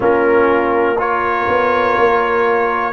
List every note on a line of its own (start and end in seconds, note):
0.00 1.46 A#3
0.00 0.96 C#4
0.00 0.98 F4
0.00 1.00 A#4
0.98 2.93 F4
0.98 2.93 A#4
0.98 2.93 C#5
1.47 1.97 B3
1.97 2.93 A#3